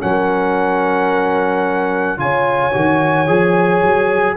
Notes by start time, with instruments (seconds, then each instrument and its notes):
0.00 tuba F#3, trombone C#4, horn A#4, trumpet F#5
2.18 tuba C#3, trombone F4, horn C#5, trumpet G#5
2.74 tuba D#3, trombone F#4
3.28 tuba F3, trombone G#4
3.83 tuba F#3